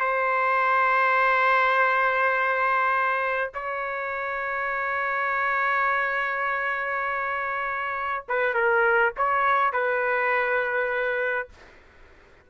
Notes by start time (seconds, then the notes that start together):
0.00 C5
3.54 C#5
8.29 B4
8.55 A#4
9.17 C#5
9.73 B4